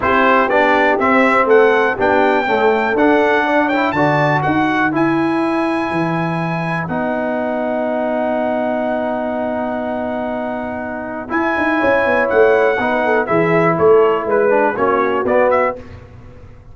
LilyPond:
<<
  \new Staff \with { instrumentName = "trumpet" } { \time 4/4 \tempo 4 = 122 c''4 d''4 e''4 fis''4 | g''2 fis''4. g''8 | a''4 fis''4 gis''2~ | gis''2 fis''2~ |
fis''1~ | fis''2. gis''4~ | gis''4 fis''2 e''4 | cis''4 b'4 cis''4 d''8 e''8 | }
  \new Staff \with { instrumentName = "horn" } { \time 4/4 g'2. a'4 | g'4 a'2 d''8 cis''8 | d''4 b'2.~ | b'1~ |
b'1~ | b'1 | cis''2 b'8 a'8 gis'4 | a'4 b'4 fis'2 | }
  \new Staff \with { instrumentName = "trombone" } { \time 4/4 e'4 d'4 c'2 | d'4 a4 d'4. e'8 | fis'2 e'2~ | e'2 dis'2~ |
dis'1~ | dis'2. e'4~ | e'2 dis'4 e'4~ | e'4. d'8 cis'4 b4 | }
  \new Staff \with { instrumentName = "tuba" } { \time 4/4 c'4 b4 c'4 a4 | b4 cis'4 d'2 | d4 dis'4 e'2 | e2 b2~ |
b1~ | b2. e'8 dis'8 | cis'8 b8 a4 b4 e4 | a4 gis4 ais4 b4 | }
>>